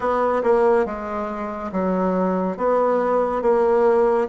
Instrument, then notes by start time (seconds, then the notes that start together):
bassoon
0.00 B3
0.43 A#3
0.85 G#3
1.72 F#3
2.57 B3
3.42 A#3